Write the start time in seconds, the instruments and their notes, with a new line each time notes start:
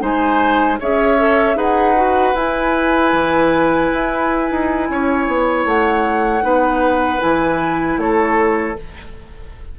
0.00 bassoon G#3, clarinet D#4, oboe C5, flute G#5
0.80 bassoon C#4, clarinet G#4, oboe C#5, flute E5
1.18 clarinet A4
1.56 bassoon D#4, clarinet G#4, oboe B4, flute F#5
1.96 clarinet F#4
2.34 bassoon E4, clarinet E4, flute G#5
3.13 bassoon E3
3.93 bassoon E4
4.51 bassoon D#4
4.90 bassoon C#4, oboe C#5
5.27 bassoon B3
5.65 bassoon A3, flute F#5
6.42 bassoon B3, clarinet D#4, oboe B4
7.20 bassoon E3, clarinet E4, flute G#5
7.97 bassoon A3, oboe A4, flute C#5